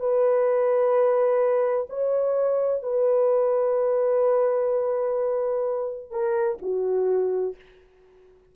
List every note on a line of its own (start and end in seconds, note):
0.00 1.87 B4
1.90 2.83 C#5
2.83 6.11 B4
6.11 6.58 A#4
6.62 7.56 F#4